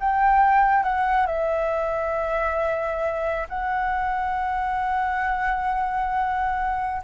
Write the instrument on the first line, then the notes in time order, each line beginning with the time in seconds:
flute
0.00 G5
0.83 F#5
1.26 E5
3.49 F#5